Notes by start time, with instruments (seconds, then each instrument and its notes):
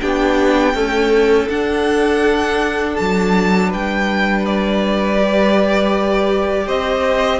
0.00 cello B3, viola D4, violin G4 G5
0.74 viola A3, cello C#4, violin A4
1.49 cello D4, viola D4, violin F#5
2.96 cello F#3, violin A5
3.68 cello G3, violin B4 G5
4.45 violin D5
5.18 viola G4
6.66 cello C4, violin C5 D#5